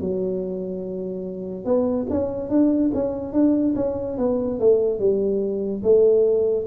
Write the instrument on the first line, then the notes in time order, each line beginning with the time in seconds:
tuba
0.00 F#3
1.64 B3
2.10 C#4
2.49 D4
2.94 C#4
3.32 D4
3.75 C#4
4.17 B3
4.59 A3
4.99 G3
5.83 A3